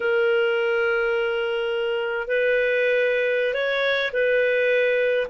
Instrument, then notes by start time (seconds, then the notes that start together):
clarinet
0.00 A#4
2.27 B4
3.54 C#5
4.12 B4